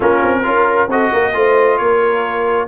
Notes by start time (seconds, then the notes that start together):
0.00 A#3 C#4 F4 A#4
0.23 C4
0.43 C#4 F4 A#4
0.88 C4 F#4 A4 D#5
1.12 A#3 A#4
1.33 A3 F4 C5
1.77 A#3 A#4 C#5